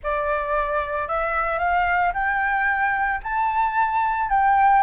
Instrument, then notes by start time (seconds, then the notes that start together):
flute
0.03 D5
1.08 E5
1.58 F5
2.13 G5
3.23 A5
4.29 G5